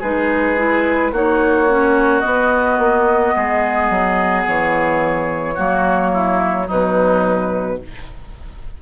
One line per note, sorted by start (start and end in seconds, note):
0.00 1.12 G#3
0.00 0.57 D#4
0.00 1.11 G#4
0.00 1.13 B4
0.57 1.13 E4
1.12 2.23 A#3
1.12 1.68 D#4
1.12 3.35 F#4
1.12 2.20 C#5
1.68 2.22 C#4
2.20 5.56 B3
2.20 2.78 B3
2.20 4.42 D#5
2.78 3.34 A#3
3.36 3.90 G#3
3.36 5.55 G#4
3.90 4.46 F#3
4.47 5.58 E3
4.47 6.69 C#5
5.55 6.69 F#3
5.55 6.66 A#3
5.55 6.10 F#4
6.13 6.67 E4
6.66 7.82 B2
6.66 7.77 F#3
6.66 7.78 D#4
6.66 7.81 B4